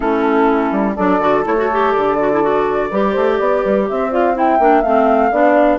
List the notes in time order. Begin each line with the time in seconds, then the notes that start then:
0.00 A3 C#4 E4 A4
0.71 G3
0.95 F#3 D4 A4 D5
1.19 D3 F#4
1.44 A3 E4 C#5
1.57 F#4
1.71 G4
1.91 D3 D5
2.19 F#4
2.32 E4
2.42 F#4
2.90 G3 G4 B4
3.11 A3 C5
3.39 B3 D5
3.63 G3 B4
3.88 C4 C5 E5
4.10 F4 D5 F5
4.34 E4 E5 G5
4.59 A#3 D4
4.81 A3 C4 F5
5.31 B3 D4 D5